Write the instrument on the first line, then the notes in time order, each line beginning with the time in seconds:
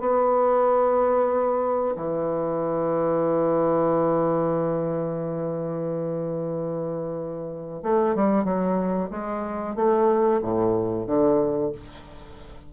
bassoon
0.00 B3
1.96 E3
7.83 A3
8.16 G3
8.45 F#3
9.11 G#3
9.76 A3
10.42 A2
11.07 D3